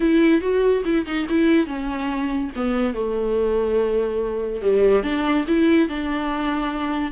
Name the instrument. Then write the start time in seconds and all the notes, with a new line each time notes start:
viola
0.00 E4
0.41 F#4
0.84 E4
1.06 D#4
1.29 E4
1.66 C#4
2.55 B3
2.94 A3
4.61 G3
5.03 D4
5.47 E4
5.88 D4